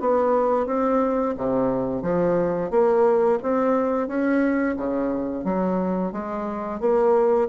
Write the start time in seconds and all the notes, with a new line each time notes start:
0.00 B3
0.66 C4
1.37 C3
2.02 F3
2.70 A#3
3.42 C4
4.08 C#4
4.77 C#3
5.44 F#3
6.12 G#3
6.80 A#3